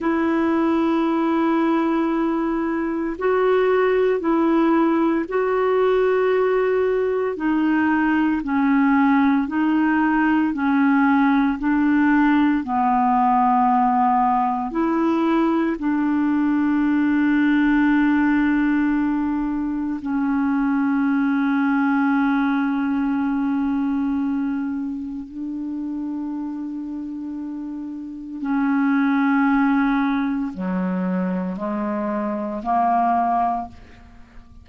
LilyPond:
\new Staff \with { instrumentName = "clarinet" } { \time 4/4 \tempo 4 = 57 e'2. fis'4 | e'4 fis'2 dis'4 | cis'4 dis'4 cis'4 d'4 | b2 e'4 d'4~ |
d'2. cis'4~ | cis'1 | d'2. cis'4~ | cis'4 fis4 gis4 ais4 | }